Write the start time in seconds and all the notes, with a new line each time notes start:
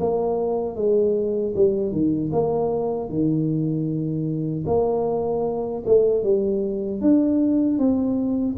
0.00 A#3
0.76 G#3
1.55 G3
1.92 D#3
2.33 A#3
3.09 D#3
4.66 A#3
5.86 A3
6.24 G3
7.01 D4
7.79 C4